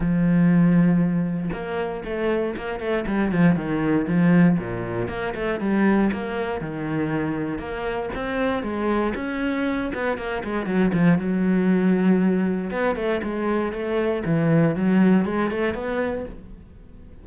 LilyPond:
\new Staff \with { instrumentName = "cello" } { \time 4/4 \tempo 4 = 118 f2. ais4 | a4 ais8 a8 g8 f8 dis4 | f4 ais,4 ais8 a8 g4 | ais4 dis2 ais4 |
c'4 gis4 cis'4. b8 | ais8 gis8 fis8 f8 fis2~ | fis4 b8 a8 gis4 a4 | e4 fis4 gis8 a8 b4 | }